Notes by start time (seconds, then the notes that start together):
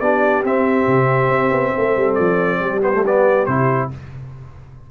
0.00 B3 D4 G4 D5
0.44 C4 E5
0.87 C3
1.29 C4
1.51 B3
1.74 A3 A4
1.97 G3
2.15 F3 D5
2.59 G3 G4
2.82 B3 C5
2.94 A3
3.06 B3 D5
3.46 C3 E4 C5